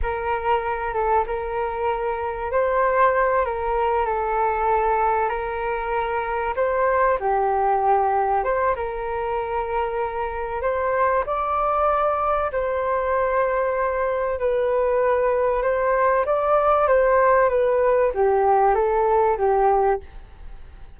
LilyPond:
\new Staff \with { instrumentName = "flute" } { \time 4/4 \tempo 4 = 96 ais'4. a'8 ais'2 | c''4. ais'4 a'4.~ | a'8 ais'2 c''4 g'8~ | g'4. c''8 ais'2~ |
ais'4 c''4 d''2 | c''2. b'4~ | b'4 c''4 d''4 c''4 | b'4 g'4 a'4 g'4 | }